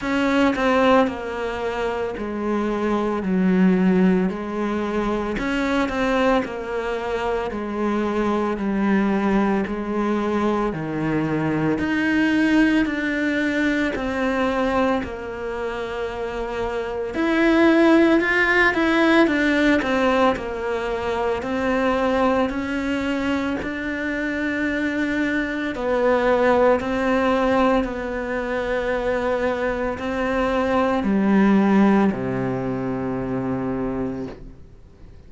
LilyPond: \new Staff \with { instrumentName = "cello" } { \time 4/4 \tempo 4 = 56 cis'8 c'8 ais4 gis4 fis4 | gis4 cis'8 c'8 ais4 gis4 | g4 gis4 dis4 dis'4 | d'4 c'4 ais2 |
e'4 f'8 e'8 d'8 c'8 ais4 | c'4 cis'4 d'2 | b4 c'4 b2 | c'4 g4 c2 | }